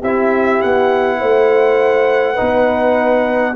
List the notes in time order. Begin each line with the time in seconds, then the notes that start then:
0.00 C4 E4 G4 E5
0.62 B3 F#5
1.20 A3 C5
2.34 D#4 B4
2.41 B3